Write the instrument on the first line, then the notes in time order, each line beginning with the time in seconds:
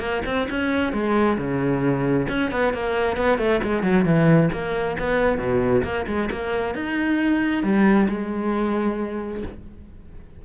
cello
0.00 A#3
0.26 C4
0.50 C#4
0.93 G#3
1.38 C#3
2.29 C#4
2.52 B3
2.74 A#3
3.17 B3
3.39 A3
3.63 G#3
3.83 F#3
4.05 E3
4.53 A#3
4.99 B3
5.38 B2
5.84 A#3
6.07 G#3
6.31 A#3
6.75 D#4
7.63 G3
8.09 G#3